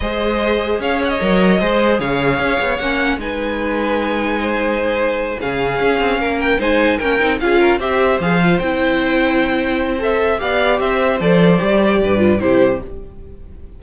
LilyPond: <<
  \new Staff \with { instrumentName = "violin" } { \time 4/4 \tempo 4 = 150 dis''2 f''8 fis''16 dis''4~ dis''16~ | dis''4 f''2 fis''4 | gis''1~ | gis''4. f''2~ f''8 |
g''8 gis''4 g''4 f''4 e''8~ | e''8 f''4 g''2~ g''8~ | g''4 e''4 f''4 e''4 | d''2. c''4 | }
  \new Staff \with { instrumentName = "violin" } { \time 4/4 c''2 cis''2 | c''4 cis''2. | b'2. c''4~ | c''4. gis'2 ais'8~ |
ais'8 c''4 ais'4 gis'8 ais'8 c''8~ | c''1~ | c''2 d''4 c''4~ | c''2 b'4 g'4 | }
  \new Staff \with { instrumentName = "viola" } { \time 4/4 gis'2. ais'4 | gis'2. cis'4 | dis'1~ | dis'4. cis'2~ cis'8~ |
cis'8 dis'4 cis'8 dis'8 f'4 g'8~ | g'8 gis'8 f'8 e'2~ e'8~ | e'4 a'4 g'2 | a'4 g'4. f'8 e'4 | }
  \new Staff \with { instrumentName = "cello" } { \time 4/4 gis2 cis'4 fis4 | gis4 cis4 cis'8 b8 ais4 | gis1~ | gis4. cis4 cis'8 c'8 ais8~ |
ais8 gis4 ais8 c'8 cis'4 c'8~ | c'8 f4 c'2~ c'8~ | c'2 b4 c'4 | f4 g4 g,4 c4 | }
>>